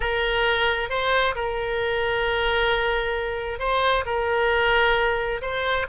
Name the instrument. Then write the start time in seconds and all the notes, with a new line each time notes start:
oboe
0.00 A#4
0.89 C5
1.35 A#4
3.59 C5
4.05 A#4
5.41 C5